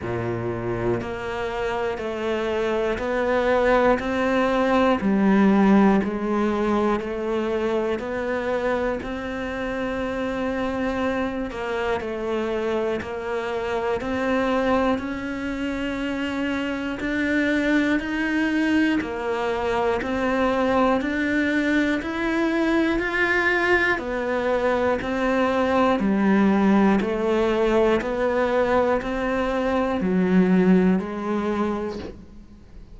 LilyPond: \new Staff \with { instrumentName = "cello" } { \time 4/4 \tempo 4 = 60 ais,4 ais4 a4 b4 | c'4 g4 gis4 a4 | b4 c'2~ c'8 ais8 | a4 ais4 c'4 cis'4~ |
cis'4 d'4 dis'4 ais4 | c'4 d'4 e'4 f'4 | b4 c'4 g4 a4 | b4 c'4 fis4 gis4 | }